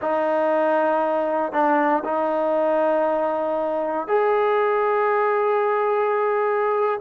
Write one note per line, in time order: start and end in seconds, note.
0.01 1.52 D#4
1.52 2.03 D4
2.04 4.07 D#4
4.07 7.00 G#4